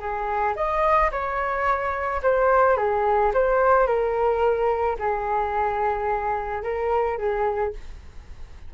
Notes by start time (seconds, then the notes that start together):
0.00 G#4
0.56 D#5
1.12 C#5
2.23 C5
2.77 G#4
3.34 C5
3.87 A#4
5.00 G#4
6.64 A#4
7.18 G#4